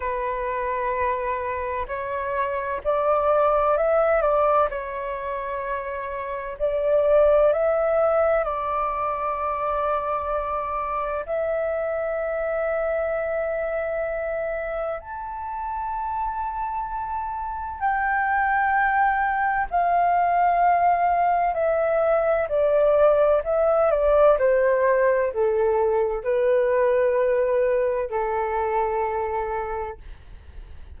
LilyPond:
\new Staff \with { instrumentName = "flute" } { \time 4/4 \tempo 4 = 64 b'2 cis''4 d''4 | e''8 d''8 cis''2 d''4 | e''4 d''2. | e''1 |
a''2. g''4~ | g''4 f''2 e''4 | d''4 e''8 d''8 c''4 a'4 | b'2 a'2 | }